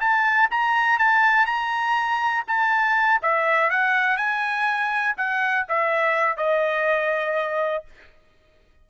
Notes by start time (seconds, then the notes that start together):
0.00 A5
0.51 A#5
0.99 A5
1.46 A#5
2.47 A5
3.22 E5
3.70 F#5
4.17 G#5
5.17 F#5
5.68 E5
6.37 D#5